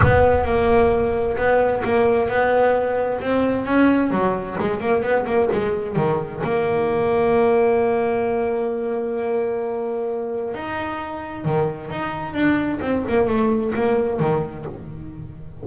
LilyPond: \new Staff \with { instrumentName = "double bass" } { \time 4/4 \tempo 4 = 131 b4 ais2 b4 | ais4 b2 c'4 | cis'4 fis4 gis8 ais8 b8 ais8 | gis4 dis4 ais2~ |
ais1~ | ais2. dis'4~ | dis'4 dis4 dis'4 d'4 | c'8 ais8 a4 ais4 dis4 | }